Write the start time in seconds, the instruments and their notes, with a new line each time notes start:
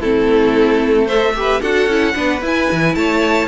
0.00 cello A3, viola C4, violin E4 A4
1.06 viola A4, violin C5 E5
1.35 viola G4, violin B4
1.61 cello D4, viola F#4, violin A4 F#5
1.87 cello C#4, viola E4
2.14 cello B3, viola D4, violin B4
2.42 cello E4, viola E4, violin G#5
2.72 cello E3
2.95 cello A3, violin C#5 A5